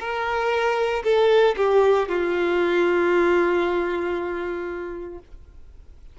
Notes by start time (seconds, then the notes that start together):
0.00 A#4
1.04 A4
1.57 G4
2.09 F4